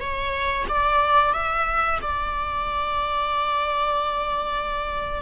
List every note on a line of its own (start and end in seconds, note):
0.00 0.65 C#5
0.68 1.33 D5
1.33 1.98 E5
2.01 5.21 D5